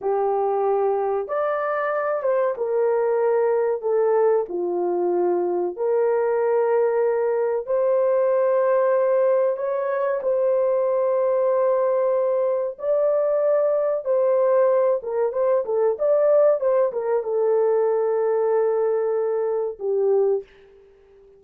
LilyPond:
\new Staff \with { instrumentName = "horn" } { \time 4/4 \tempo 4 = 94 g'2 d''4. c''8 | ais'2 a'4 f'4~ | f'4 ais'2. | c''2. cis''4 |
c''1 | d''2 c''4. ais'8 | c''8 a'8 d''4 c''8 ais'8 a'4~ | a'2. g'4 | }